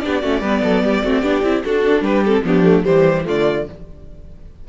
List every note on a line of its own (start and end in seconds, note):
0.00 0.23 B3
0.00 0.22 D4
0.00 0.22 G4
0.00 1.62 D5
0.22 0.41 A3
0.22 0.43 C#4
0.22 0.41 F#4
0.41 0.62 G3
0.41 1.04 B3
0.41 0.61 B4
0.63 0.83 F#3
0.63 0.84 A4
0.83 1.04 G3
0.83 1.05 G4
1.04 1.22 A3
1.04 1.23 C4
1.04 1.22 F#4
1.22 1.43 B3
1.22 1.43 D4
1.22 1.63 G4
1.43 1.63 C4
1.43 1.64 E4
1.64 2.25 D4
1.64 2.01 D4
1.64 2.03 F#4
1.64 2.04 A4
2.01 2.42 G3
2.01 2.43 G4
2.01 2.24 B4
2.24 2.44 C4
2.24 2.45 A4
2.44 2.85 F3
2.44 2.64 B3
2.44 2.86 D4
2.44 2.84 G4
2.64 2.83 A3
2.83 3.26 E3
2.83 3.24 G3
2.83 3.26 G4
2.83 3.25 C5
3.25 3.68 D3
3.25 3.66 A3
3.25 3.67 F4
3.25 3.69 D5